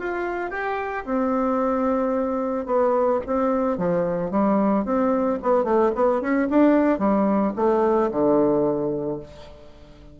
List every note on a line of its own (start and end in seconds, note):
0.00 0.51 F4
0.51 1.05 G4
1.05 2.66 C4
2.66 3.20 B3
3.27 3.78 C4
3.78 4.31 F3
4.31 4.85 G3
4.85 5.39 C4
5.43 5.64 B3
5.64 5.91 A3
5.96 6.21 B3
6.21 6.48 C#4
6.50 6.99 D4
6.99 7.53 G3
7.57 8.11 A3
8.12 9.20 D3